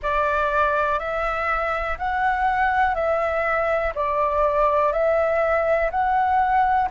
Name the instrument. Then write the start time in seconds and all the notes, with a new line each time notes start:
flute
0.02 D5
0.99 E5
1.98 F#5
2.94 E5
3.94 D5
4.92 E5
5.90 F#5